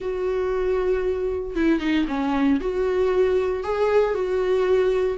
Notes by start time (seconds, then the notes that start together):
0.00 F#4
1.55 E4
1.80 D#4
2.08 C#4
2.60 F#4
3.63 G#4
4.14 F#4